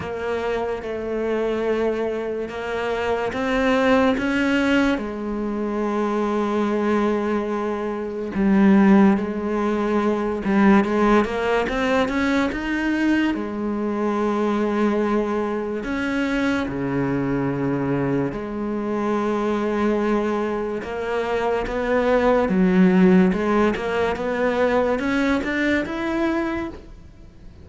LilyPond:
\new Staff \with { instrumentName = "cello" } { \time 4/4 \tempo 4 = 72 ais4 a2 ais4 | c'4 cis'4 gis2~ | gis2 g4 gis4~ | gis8 g8 gis8 ais8 c'8 cis'8 dis'4 |
gis2. cis'4 | cis2 gis2~ | gis4 ais4 b4 fis4 | gis8 ais8 b4 cis'8 d'8 e'4 | }